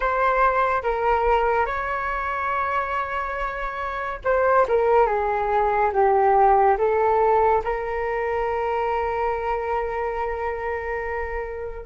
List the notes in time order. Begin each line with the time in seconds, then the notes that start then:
0.00 C5
0.83 A#4
1.66 C#5
4.24 C5
4.67 A#4
5.06 G#4
5.92 G4
6.78 A4
7.64 A#4